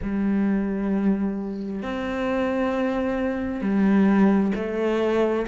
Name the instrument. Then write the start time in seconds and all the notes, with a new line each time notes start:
cello
0.02 G3
1.82 C4
3.61 G3
4.55 A3